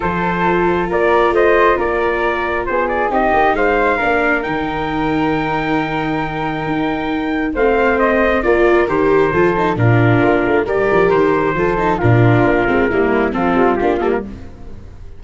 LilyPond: <<
  \new Staff \with { instrumentName = "trumpet" } { \time 4/4 \tempo 4 = 135 c''2 d''4 dis''4 | d''2 c''8 d''8 dis''4 | f''2 g''2~ | g''1~ |
g''4 f''4 dis''4 d''4 | c''2 ais'2 | d''4 c''2 ais'4~ | ais'2 a'4 g'8 a'16 ais'16 | }
  \new Staff \with { instrumentName = "flute" } { \time 4/4 a'2 ais'4 c''4 | ais'2 gis'4 g'4 | c''4 ais'2.~ | ais'1~ |
ais'4 c''2 ais'4~ | ais'4 a'4 f'2 | ais'2 a'4 f'4~ | f'4 e'4 f'2 | }
  \new Staff \with { instrumentName = "viola" } { \time 4/4 f'1~ | f'2. dis'4~ | dis'4 d'4 dis'2~ | dis'1~ |
dis'4 c'2 f'4 | g'4 f'8 dis'8 d'2 | g'2 f'8 dis'8 d'4~ | d'8 c'8 ais4 c'4 d'8 ais8 | }
  \new Staff \with { instrumentName = "tuba" } { \time 4/4 f2 ais4 a4 | ais2 b4 c'8 ais8 | gis4 ais4 dis2~ | dis2. dis'4~ |
dis'4 a2 ais4 | dis4 f4 ais,4 ais8 a8 | g8 f8 dis4 f4 ais,4 | ais8 gis8 g4 f8 g8 ais8 g8 | }
>>